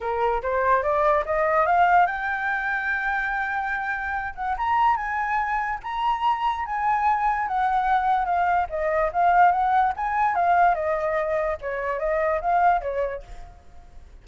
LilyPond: \new Staff \with { instrumentName = "flute" } { \time 4/4 \tempo 4 = 145 ais'4 c''4 d''4 dis''4 | f''4 g''2.~ | g''2~ g''8 fis''8 ais''4 | gis''2 ais''2 |
gis''2 fis''2 | f''4 dis''4 f''4 fis''4 | gis''4 f''4 dis''2 | cis''4 dis''4 f''4 cis''4 | }